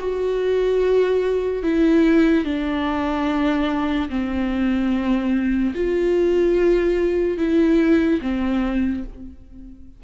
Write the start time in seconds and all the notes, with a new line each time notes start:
0.00 F#4
1.64 E4
2.45 D4
4.10 C4
5.75 F4
7.38 E4
8.22 C4